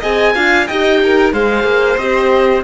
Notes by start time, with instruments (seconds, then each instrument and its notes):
0.00 cello C4, horn G#4, violin D#5, oboe G#5
0.35 cello D4, horn F4, violin F5
0.67 cello D#4, horn G4, violin D#5, oboe G5
1.04 violin A#4
1.33 cello G#3, horn G#4, violin C5, oboe F5
1.64 cello A#3
1.98 cello C4, horn G4, oboe D#5